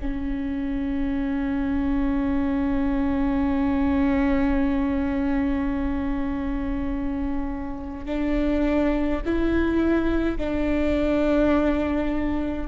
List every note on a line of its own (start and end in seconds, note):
0.00 8.06 C#4
8.06 9.21 D4
9.25 10.37 E4
10.37 12.68 D4